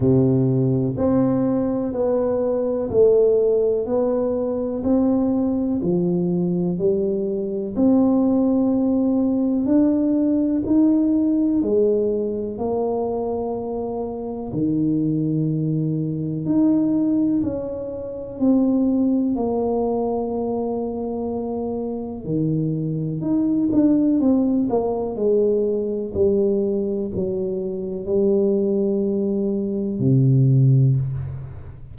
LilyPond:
\new Staff \with { instrumentName = "tuba" } { \time 4/4 \tempo 4 = 62 c4 c'4 b4 a4 | b4 c'4 f4 g4 | c'2 d'4 dis'4 | gis4 ais2 dis4~ |
dis4 dis'4 cis'4 c'4 | ais2. dis4 | dis'8 d'8 c'8 ais8 gis4 g4 | fis4 g2 c4 | }